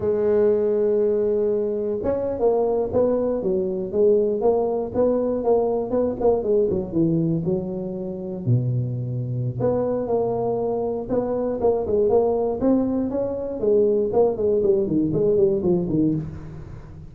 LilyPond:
\new Staff \with { instrumentName = "tuba" } { \time 4/4 \tempo 4 = 119 gis1 | cis'8. ais4 b4 fis4 gis16~ | gis8. ais4 b4 ais4 b16~ | b16 ais8 gis8 fis8 e4 fis4~ fis16~ |
fis8. b,2~ b,16 b4 | ais2 b4 ais8 gis8 | ais4 c'4 cis'4 gis4 | ais8 gis8 g8 dis8 gis8 g8 f8 dis8 | }